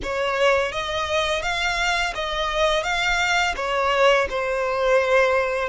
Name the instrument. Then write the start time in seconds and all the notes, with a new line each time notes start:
violin
0.02 C#5
0.71 D#5
1.42 F5
2.15 D#5
2.83 F5
3.56 C#5
4.29 C5